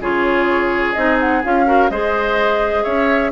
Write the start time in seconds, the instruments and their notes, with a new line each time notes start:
0.00 bassoon C#3, clarinet F4, oboe G#4, flute C#5
0.93 bassoon C4, clarinet D#4, flute D#5
1.19 flute F#5
1.43 bassoon C#4, clarinet F4, flute F5
1.66 clarinet F#4, oboe A#4
1.90 bassoon G#3, clarinet G#4, oboe C5, flute D#5
2.84 bassoon C#4, oboe C#5, flute E5